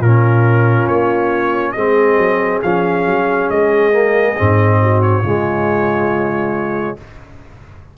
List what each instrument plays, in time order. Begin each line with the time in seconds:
0.00 tuba A#2, trombone C#4, horn F4, trumpet A#4
0.87 tuba A#3, trumpet C#5
1.72 tuba G#3, trombone C4, horn G#4, trumpet D#5
2.18 tuba F#3
2.63 tuba F3, trombone C#4, trumpet F5
3.06 tuba F#3
3.50 tuba G#3, trumpet D#5
3.92 trombone A#3
4.36 tuba G#2, trombone C4
4.82 horn F#4
5.02 trumpet C#5
5.23 tuba C#3, trombone G#3, horn F4